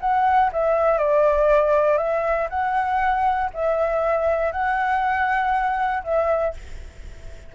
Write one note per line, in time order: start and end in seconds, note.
0.00 0.50 F#5
0.52 0.98 E5
0.98 1.97 D5
1.97 2.48 E5
2.49 3.50 F#5
3.53 4.52 E5
4.52 6.03 F#5
6.03 6.54 E5